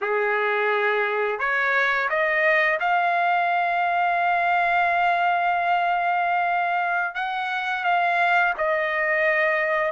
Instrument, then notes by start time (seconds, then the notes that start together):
trumpet
0.01 G#4
1.39 C#5
2.09 D#5
2.80 F5
7.14 F#5
7.83 F5
8.57 D#5